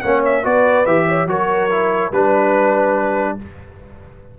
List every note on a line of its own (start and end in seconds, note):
0.00 0.45 A#3
0.00 0.43 C#4
0.00 0.43 C#5
0.00 0.21 F#5
0.25 0.45 E5
0.43 0.86 B3
0.43 0.85 F#4
0.43 1.06 B4
0.43 0.86 D5
0.86 1.26 E3
0.86 1.28 G4
0.86 1.28 E5
1.08 1.28 C#5
1.26 2.10 F#3
1.26 1.70 F#4
1.26 2.12 A#4
1.26 2.12 C#5
1.70 2.12 E4
2.11 3.37 G3
2.11 3.38 D4
2.11 3.38 B4